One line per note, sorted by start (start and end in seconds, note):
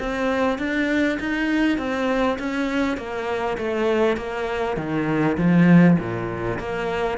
0.00 0.59 C4
0.59 1.19 D4
1.20 1.78 D#4
1.78 2.38 C4
2.39 2.97 C#4
2.97 3.57 A#3
3.58 4.17 A3
4.17 4.77 A#3
4.77 5.37 D#3
5.38 5.98 F3
5.99 6.59 A#2
6.59 7.18 A#3